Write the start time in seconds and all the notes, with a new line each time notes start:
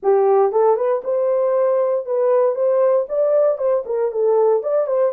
0.02 G4
0.52 A4
0.76 B4
1.04 C5
2.05 B4
2.55 C5
3.08 D5
3.58 C5
3.85 A#4
4.11 A4
4.62 D5
4.86 C5